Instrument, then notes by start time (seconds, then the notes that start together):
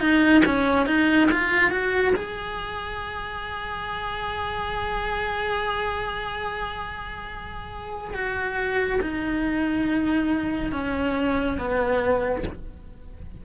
cello
0.00 D#4
0.45 C#4
0.86 D#4
1.31 F4
1.71 F#4
2.16 G#4
8.14 F#4
9.01 D#4
10.72 C#4
11.58 B3